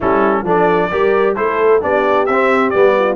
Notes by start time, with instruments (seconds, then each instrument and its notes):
0.00 tuba G3, trombone C#4, horn E4, trumpet A4
0.43 tuba F3, trombone D4, horn A4
0.49 trumpet D5
0.91 tuba G3, trombone G4, horn A#4
1.35 tuba A3, trombone E4, horn A4, trumpet C5
1.81 tuba B3, trombone D4, horn G4, trumpet D5
2.26 tuba C4, trombone C4, trumpet E5
2.70 tuba G3, trombone B3, trumpet D5
2.98 horn F4